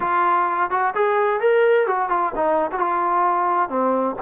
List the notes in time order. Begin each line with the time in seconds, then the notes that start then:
0.00 F4
0.70 F#4
0.95 G#4
1.40 A#4
1.86 F#4
2.09 F4
2.35 D#4
2.71 F#4
2.79 F4
3.69 C4